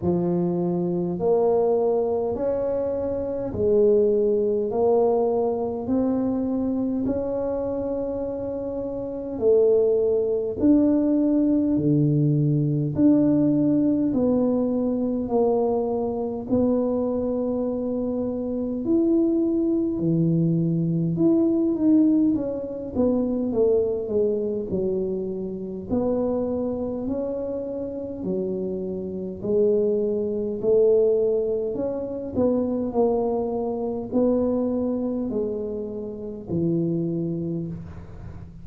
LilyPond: \new Staff \with { instrumentName = "tuba" } { \time 4/4 \tempo 4 = 51 f4 ais4 cis'4 gis4 | ais4 c'4 cis'2 | a4 d'4 d4 d'4 | b4 ais4 b2 |
e'4 e4 e'8 dis'8 cis'8 b8 | a8 gis8 fis4 b4 cis'4 | fis4 gis4 a4 cis'8 b8 | ais4 b4 gis4 e4 | }